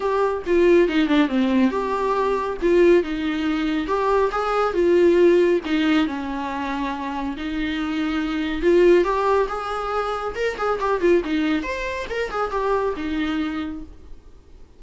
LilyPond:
\new Staff \with { instrumentName = "viola" } { \time 4/4 \tempo 4 = 139 g'4 f'4 dis'8 d'8 c'4 | g'2 f'4 dis'4~ | dis'4 g'4 gis'4 f'4~ | f'4 dis'4 cis'2~ |
cis'4 dis'2. | f'4 g'4 gis'2 | ais'8 gis'8 g'8 f'8 dis'4 c''4 | ais'8 gis'8 g'4 dis'2 | }